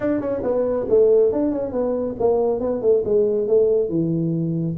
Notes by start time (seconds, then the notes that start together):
0.00 D4
0.20 C#4
0.43 B3
0.89 A3
1.32 D4
1.51 C#4
1.72 B3
2.19 A#3
2.60 B3
2.81 A3
3.04 G#3
3.47 A3
3.89 E3